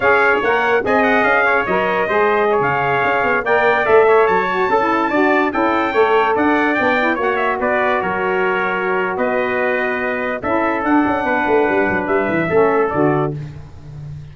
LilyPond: <<
  \new Staff \with { instrumentName = "trumpet" } { \time 4/4 \tempo 4 = 144 f''4 fis''4 gis''8 fis''8 f''4 | dis''2~ dis''16 f''4.~ f''16~ | f''16 g''4 e''4 a''4.~ a''16~ | a''4~ a''16 g''2 fis''8.~ |
fis''16 g''4 fis''8 e''8 d''4 cis''8.~ | cis''2 dis''2~ | dis''4 e''4 fis''2~ | fis''4 e''2 d''4 | }
  \new Staff \with { instrumentName = "trumpet" } { \time 4/4 cis''2 dis''4. cis''8~ | cis''4 c''4 cis''2~ | cis''16 d''4. cis''4. a'8.~ | a'16 d''4 a'4 cis''4 d''8.~ |
d''4~ d''16 cis''4 b'4 ais'8.~ | ais'2 b'2~ | b'4 a'2 b'4~ | b'2 a'2 | }
  \new Staff \with { instrumentName = "saxophone" } { \time 4/4 gis'4 ais'4 gis'2 | ais'4 gis'2.~ | gis'16 ais'4 a'4. fis'8 a'16 e'8~ | e'16 fis'4 e'4 a'4.~ a'16~ |
a'16 d'8 e'8 fis'2~ fis'8.~ | fis'1~ | fis'4 e'4 d'2~ | d'2 cis'4 fis'4 | }
  \new Staff \with { instrumentName = "tuba" } { \time 4/4 cis'4 ais4 c'4 cis'4 | fis4 gis4~ gis16 cis4 cis'8 b16~ | b16 ais4 a4 fis4 cis'8.~ | cis'16 d'4 cis'4 a4 d'8.~ |
d'16 b4 ais4 b4 fis8.~ | fis2 b2~ | b4 cis'4 d'8 cis'8 b8 a8 | g8 fis8 g8 e8 a4 d4 | }
>>